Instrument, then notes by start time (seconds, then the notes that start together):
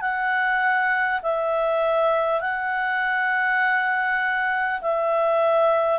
clarinet
0.00 F#5
1.22 E5
2.40 F#5
4.81 E5